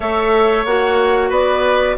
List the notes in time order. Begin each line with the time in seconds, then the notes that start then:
0.00 A3 A4 C#5 E5
0.65 A#3 F#4 F#5
1.29 B3 B4 D5